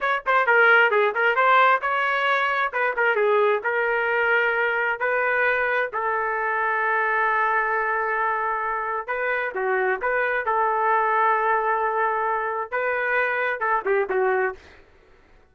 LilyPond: \new Staff \with { instrumentName = "trumpet" } { \time 4/4 \tempo 4 = 132 cis''8 c''8 ais'4 gis'8 ais'8 c''4 | cis''2 b'8 ais'8 gis'4 | ais'2. b'4~ | b'4 a'2.~ |
a'1 | b'4 fis'4 b'4 a'4~ | a'1 | b'2 a'8 g'8 fis'4 | }